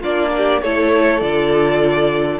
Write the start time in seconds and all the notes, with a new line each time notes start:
0.00 A#3 D4 F4 D5
0.37 G4
0.61 A3 E4 A4 C#5
1.20 D3 F4 D5